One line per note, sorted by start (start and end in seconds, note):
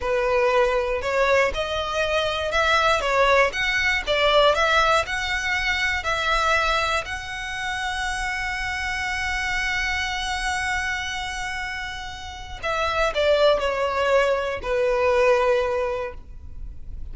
0.00 1.01 B4
1.01 1.51 C#5
1.54 2.51 D#5
2.51 3.00 E5
3.00 3.51 C#5
3.52 4.03 F#5
4.07 4.54 D5
4.54 5.05 E5
5.06 6.03 F#5
6.03 7.04 E5
7.05 12.59 F#5
12.62 13.13 E5
13.14 13.59 D5
13.59 14.60 C#5
14.62 16.13 B4